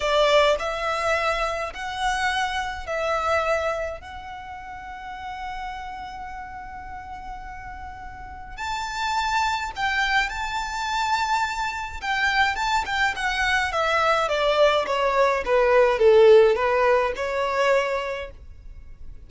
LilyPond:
\new Staff \with { instrumentName = "violin" } { \time 4/4 \tempo 4 = 105 d''4 e''2 fis''4~ | fis''4 e''2 fis''4~ | fis''1~ | fis''2. a''4~ |
a''4 g''4 a''2~ | a''4 g''4 a''8 g''8 fis''4 | e''4 d''4 cis''4 b'4 | a'4 b'4 cis''2 | }